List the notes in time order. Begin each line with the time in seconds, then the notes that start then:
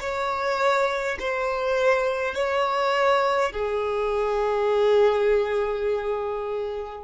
0.00 C#5
1.19 C5
2.35 C#5
3.52 G#4